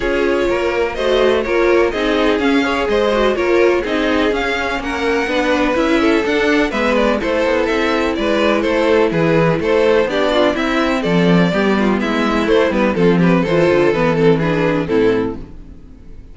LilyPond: <<
  \new Staff \with { instrumentName = "violin" } { \time 4/4 \tempo 4 = 125 cis''2 dis''4 cis''4 | dis''4 f''4 dis''4 cis''4 | dis''4 f''4 fis''2 | e''4 fis''4 e''8 d''8 c''4 |
e''4 d''4 c''4 b'4 | c''4 d''4 e''4 d''4~ | d''4 e''4 c''8 b'8 a'8 b'8 | c''4 b'8 a'8 b'4 a'4 | }
  \new Staff \with { instrumentName = "violin" } { \time 4/4 gis'4 ais'4 c''4 ais'4 | gis'4. cis''8 c''4 ais'4 | gis'2 ais'4 b'4~ | b'8 a'4. b'4 a'4~ |
a'4 b'4 a'4 gis'4 | a'4 g'8 f'8 e'4 a'4 | g'8 f'8 e'2 f'8 g'8 | a'2 gis'4 e'4 | }
  \new Staff \with { instrumentName = "viola" } { \time 4/4 f'2 fis'4 f'4 | dis'4 cis'8 gis'4 fis'8 f'4 | dis'4 cis'2 d'4 | e'4 d'4 b4 e'4~ |
e'1~ | e'4 d'4 c'2 | b2 a8 b8 c'4 | f'4 b8 c'8 d'4 c'4 | }
  \new Staff \with { instrumentName = "cello" } { \time 4/4 cis'4 ais4 a4 ais4 | c'4 cis'4 gis4 ais4 | c'4 cis'4 ais4 b4 | cis'4 d'4 gis4 a8 b8 |
c'4 gis4 a4 e4 | a4 b4 c'4 f4 | g4 gis4 a8 g8 f4 | e8 d8 e2 a,4 | }
>>